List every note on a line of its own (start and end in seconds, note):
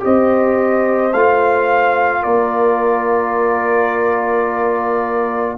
0.00 1.13 C4
0.00 1.11 G4
0.00 2.22 C5
0.00 1.13 D#5
1.13 2.24 A3
1.13 5.58 F4
1.13 2.23 F5
2.22 5.58 A#3
2.22 5.55 A#4
2.22 5.56 D5